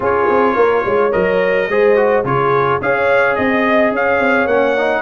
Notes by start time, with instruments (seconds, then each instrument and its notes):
0.00 tuba C#4, trombone F4, horn G#4, trumpet C#5
0.29 tuba C4
0.55 tuba A#3, horn A#4
0.84 tuba G#3, horn C#5
1.12 tuba F#3, trombone A#4, trumpet D#5
1.68 tuba G#3, trombone G#4, horn C5
1.96 trombone F#4
2.24 tuba C#3, trombone F4, horn G#4, trumpet C#5
2.81 tuba C#4, trombone G#4, horn C#5, trumpet F5
3.35 tuba C4, trumpet D#5, horn D#5
3.91 tuba C#4, horn C#5, trumpet F5
4.19 tuba C4
4.46 tuba A#3, trombone C#4, trumpet F#5
4.76 trombone D#4